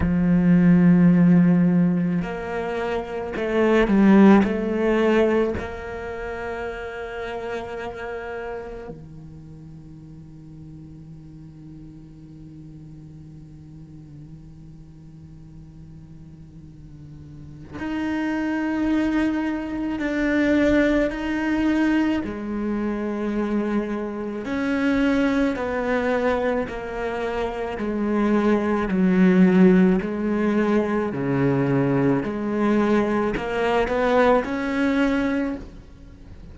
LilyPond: \new Staff \with { instrumentName = "cello" } { \time 4/4 \tempo 4 = 54 f2 ais4 a8 g8 | a4 ais2. | dis1~ | dis1 |
dis'2 d'4 dis'4 | gis2 cis'4 b4 | ais4 gis4 fis4 gis4 | cis4 gis4 ais8 b8 cis'4 | }